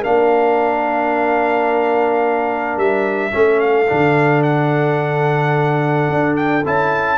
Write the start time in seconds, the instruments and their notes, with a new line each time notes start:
0.00 trombone D4, horn A#4, trumpet F5
0.07 tuba A#3
2.76 tuba G3, trumpet E5
3.31 tuba A3, trombone C#4, horn A4
3.60 trumpet F5
3.87 tuba D3, trombone D4
4.43 trumpet F#5
6.08 tuba D4
6.36 trumpet G5
6.65 tuba C#4, trombone E4, trumpet A5